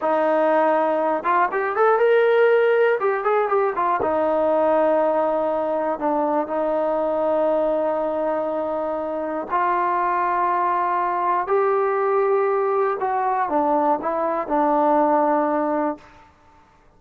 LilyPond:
\new Staff \with { instrumentName = "trombone" } { \time 4/4 \tempo 4 = 120 dis'2~ dis'8 f'8 g'8 a'8 | ais'2 g'8 gis'8 g'8 f'8 | dis'1 | d'4 dis'2.~ |
dis'2. f'4~ | f'2. g'4~ | g'2 fis'4 d'4 | e'4 d'2. | }